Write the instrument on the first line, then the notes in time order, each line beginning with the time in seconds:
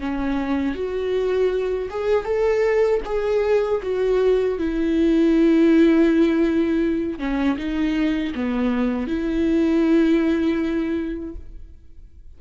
viola
0.00 C#4
0.75 F#4
1.90 G#4
2.25 A4
3.06 G#4
3.83 F#4
4.59 E4
7.19 C#4
7.58 D#4
8.35 B3
9.08 E4